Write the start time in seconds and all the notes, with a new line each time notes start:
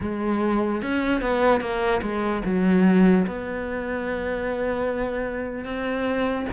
0.00 G#3
0.81 C#4
1.21 B3
1.60 A#3
2.02 G#3
2.45 F#3
3.27 B3
5.65 C4